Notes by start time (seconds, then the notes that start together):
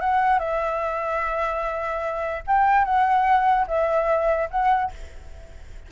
0.00 F#5
0.39 E5
2.47 G5
2.85 F#5
3.67 E5
4.50 F#5